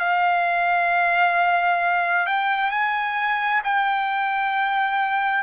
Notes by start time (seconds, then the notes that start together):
0.00 F5
2.27 G5
2.71 G#5
3.64 G5